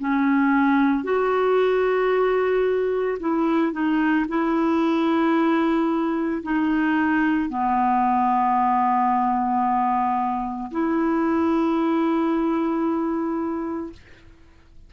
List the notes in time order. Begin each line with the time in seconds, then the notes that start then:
0.00 C#4
1.04 F#4
3.20 E4
3.73 D#4
4.29 E4
6.43 D#4
7.50 B3
10.71 E4